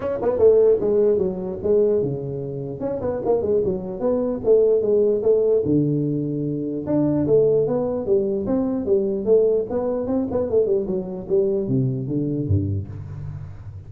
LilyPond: \new Staff \with { instrumentName = "tuba" } { \time 4/4 \tempo 4 = 149 cis'8 b8 a4 gis4 fis4 | gis4 cis2 cis'8 b8 | ais8 gis8 fis4 b4 a4 | gis4 a4 d2~ |
d4 d'4 a4 b4 | g4 c'4 g4 a4 | b4 c'8 b8 a8 g8 fis4 | g4 c4 d4 g,4 | }